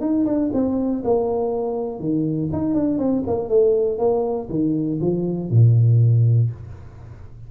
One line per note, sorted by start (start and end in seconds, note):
0.00 0.25 D#4
0.25 0.50 D4
0.53 1.03 C4
1.04 1.99 A#3
1.99 2.49 D#3
2.52 2.74 D#4
2.74 2.98 D4
2.98 3.23 C4
3.26 3.48 A#3
3.48 3.98 A3
3.98 4.48 A#3
4.49 4.99 D#3
5.00 5.50 F3
5.50 6.50 A#2